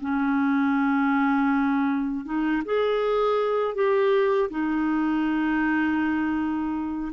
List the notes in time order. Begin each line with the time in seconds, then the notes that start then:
0.00 C#4
2.25 D#4
2.65 G#4
3.75 G4
4.50 D#4